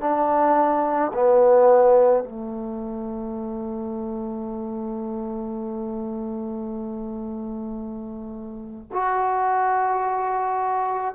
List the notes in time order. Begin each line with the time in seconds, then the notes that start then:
0.00 D4
1.13 B3
2.23 A3
8.92 F#4